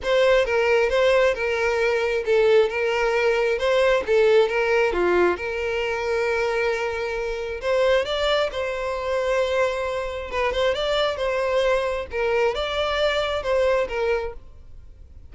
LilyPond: \new Staff \with { instrumentName = "violin" } { \time 4/4 \tempo 4 = 134 c''4 ais'4 c''4 ais'4~ | ais'4 a'4 ais'2 | c''4 a'4 ais'4 f'4 | ais'1~ |
ais'4 c''4 d''4 c''4~ | c''2. b'8 c''8 | d''4 c''2 ais'4 | d''2 c''4 ais'4 | }